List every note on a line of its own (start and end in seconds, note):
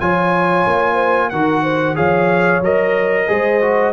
0.00 0.66 F3
0.00 1.32 F4
0.00 0.94 C#5
0.00 1.30 G#5
0.66 1.32 A#3
0.94 1.27 C5
1.30 1.98 D#3
1.30 1.95 F#4
1.30 1.63 A#4
1.30 1.95 F#5
1.63 1.96 C5
1.95 2.61 F3
1.95 2.61 G#4
1.95 3.28 C#5
1.95 2.62 F5
2.61 3.27 F#3
2.61 3.28 A#4
2.61 3.93 D#5
3.28 3.93 G#3
3.28 3.61 G#4
3.28 3.93 C5
3.61 3.93 F#4